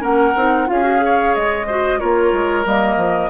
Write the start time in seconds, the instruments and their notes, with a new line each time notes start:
0.00 bassoon A#3, clarinet C#4, oboe A#4, flute F#5
0.36 bassoon C4, clarinet D#4
0.67 bassoon C#4, clarinet F4, oboe G#4, flute F5
0.83 clarinet F#4
0.98 clarinet G#4
1.05 oboe C#5
1.35 bassoon G#3, flute D#5
1.67 clarinet F#4, oboe C5
1.99 bassoon A#3, clarinet F4, oboe A#4, flute C#5
2.33 bassoon G#3
2.65 bassoon G3, clarinet A#3, flute D#5
2.97 bassoon F3